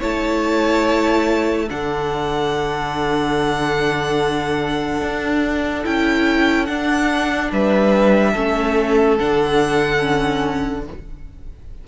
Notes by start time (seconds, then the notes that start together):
0.00 A3 E4 C#5 A5
1.66 D3 D4 A4 F#5
5.02 D4
5.85 C#4 E4 G5
6.66 D4 F#5
7.52 G3 B4 E5
8.32 A3 C#4 A4
9.18 D3 D4 F#5
10.00 C#4